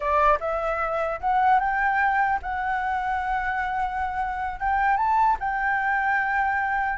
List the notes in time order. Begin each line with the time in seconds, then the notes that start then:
0.00 D5
0.39 E5
1.20 F#5
1.59 G5
2.42 F#5
4.60 G5
4.97 A5
5.39 G5